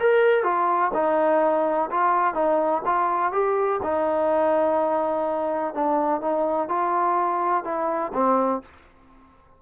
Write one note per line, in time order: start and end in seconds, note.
0.00 0.44 A#4
0.44 0.92 F4
0.94 1.90 D#4
1.91 2.35 F4
2.35 2.83 D#4
2.86 3.32 F4
3.32 3.80 G4
3.83 5.74 D#4
5.74 6.21 D4
6.21 6.69 D#4
6.69 7.64 F4
7.64 8.12 E4
8.14 8.62 C4